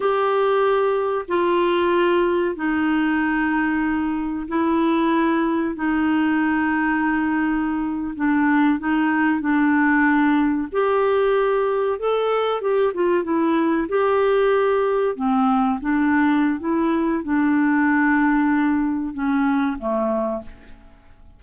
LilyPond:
\new Staff \with { instrumentName = "clarinet" } { \time 4/4 \tempo 4 = 94 g'2 f'2 | dis'2. e'4~ | e'4 dis'2.~ | dis'8. d'4 dis'4 d'4~ d'16~ |
d'8. g'2 a'4 g'16~ | g'16 f'8 e'4 g'2 c'16~ | c'8. d'4~ d'16 e'4 d'4~ | d'2 cis'4 a4 | }